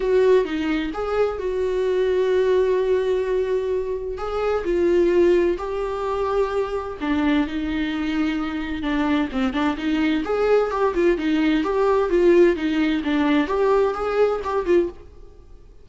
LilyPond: \new Staff \with { instrumentName = "viola" } { \time 4/4 \tempo 4 = 129 fis'4 dis'4 gis'4 fis'4~ | fis'1~ | fis'4 gis'4 f'2 | g'2. d'4 |
dis'2. d'4 | c'8 d'8 dis'4 gis'4 g'8 f'8 | dis'4 g'4 f'4 dis'4 | d'4 g'4 gis'4 g'8 f'8 | }